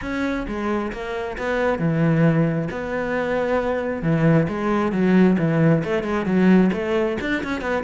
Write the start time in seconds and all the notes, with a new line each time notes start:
0.01 C#4
0.47 G#3
0.92 A#3
1.37 B3
1.78 E3
2.70 B3
4.02 E3
4.48 G#3
4.92 F#3
5.38 E3
5.84 A3
6.03 G#3
6.25 F#3
6.72 A3
7.20 D4
7.43 C#4
7.61 B3